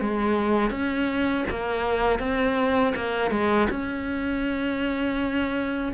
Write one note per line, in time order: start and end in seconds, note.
0.00 0.70 G#3
0.70 1.44 C#4
1.50 2.19 A#3
2.19 2.93 C4
2.96 3.31 A#3
3.31 3.68 G#3
3.70 5.92 C#4